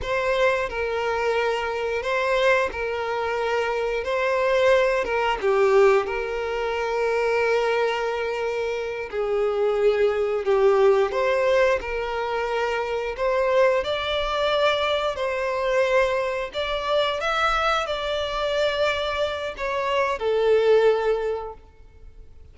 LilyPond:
\new Staff \with { instrumentName = "violin" } { \time 4/4 \tempo 4 = 89 c''4 ais'2 c''4 | ais'2 c''4. ais'8 | g'4 ais'2.~ | ais'4. gis'2 g'8~ |
g'8 c''4 ais'2 c''8~ | c''8 d''2 c''4.~ | c''8 d''4 e''4 d''4.~ | d''4 cis''4 a'2 | }